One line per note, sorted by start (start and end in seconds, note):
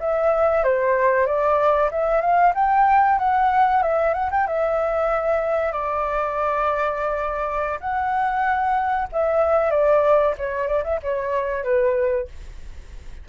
0.00 0.64 E5
0.64 1.26 C5
1.26 1.90 D5
1.91 2.21 E5
2.21 2.53 F5
2.55 3.19 G5
3.19 3.83 F#5
3.83 4.14 E5
4.14 4.30 F#5
4.31 4.47 G5
4.47 5.72 E5
5.72 7.80 D5
7.80 9.08 F#5
9.12 9.71 E5
9.71 10.35 D5
10.38 10.67 C#5
10.67 10.83 D5
10.84 11.00 E5
11.03 11.64 C#5
11.64 12.28 B4